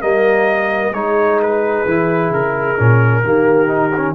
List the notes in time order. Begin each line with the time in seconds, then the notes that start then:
0.00 G3 A#3 A#4 D#5
0.91 G#3 D#4 G#4 C#5
1.42 B4
1.86 E3 E4
2.30 C#3 A#4
2.77 A#2 C#4
3.23 D#3 A#3 G4
3.67 D#4
3.96 C#4